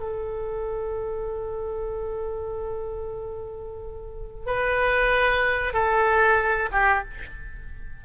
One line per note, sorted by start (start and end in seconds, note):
0.00 4.46 A4
4.46 5.74 B4
5.74 6.69 A4
6.72 7.04 G4